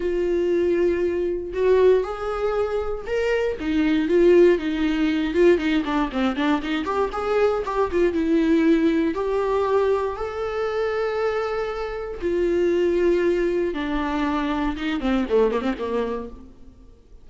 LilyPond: \new Staff \with { instrumentName = "viola" } { \time 4/4 \tempo 4 = 118 f'2. fis'4 | gis'2 ais'4 dis'4 | f'4 dis'4. f'8 dis'8 d'8 | c'8 d'8 dis'8 g'8 gis'4 g'8 f'8 |
e'2 g'2 | a'1 | f'2. d'4~ | d'4 dis'8 c'8 a8 ais16 c'16 ais4 | }